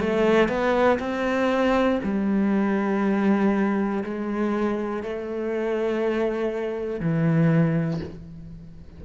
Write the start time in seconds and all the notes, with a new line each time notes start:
0.00 A3
0.49 B3
1.00 C4
2.04 G3
4.05 G#3
5.04 A3
7.01 E3